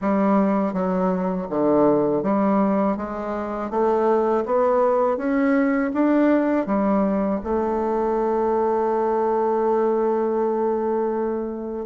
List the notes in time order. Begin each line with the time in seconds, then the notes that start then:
0.01 G3
0.73 F#3
1.49 D3
2.22 G3
2.96 G#3
3.70 A3
4.45 B3
5.17 C#4
5.93 D4
6.66 G3
7.43 A3